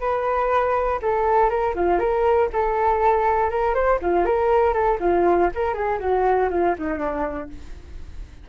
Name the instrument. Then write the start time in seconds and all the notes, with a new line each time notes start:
flute
0.00 B4
1.02 A4
1.50 A#4
1.75 F4
2.00 A#4
2.53 A4
3.51 A#4
3.75 C5
4.02 F4
4.26 A#4
4.74 A4
5.00 F4
5.55 A#4
5.75 G#4
6.00 F#4
6.50 F4
6.79 D#4
6.99 D4